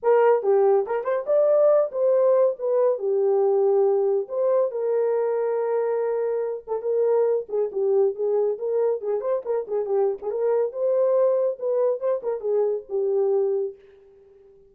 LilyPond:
\new Staff \with { instrumentName = "horn" } { \time 4/4 \tempo 4 = 140 ais'4 g'4 ais'8 c''8 d''4~ | d''8 c''4. b'4 g'4~ | g'2 c''4 ais'4~ | ais'2.~ ais'8 a'8 |
ais'4. gis'8 g'4 gis'4 | ais'4 gis'8 c''8 ais'8 gis'8 g'8. gis'16 | ais'4 c''2 b'4 | c''8 ais'8 gis'4 g'2 | }